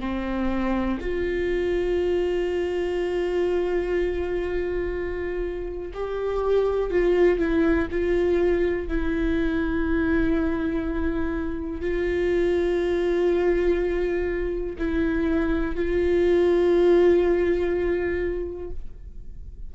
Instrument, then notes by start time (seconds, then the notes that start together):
viola
0.00 C4
1.01 F4
5.94 G4
6.91 F4
7.39 E4
7.91 F4
8.88 E4
11.81 F4
14.79 E4
15.76 F4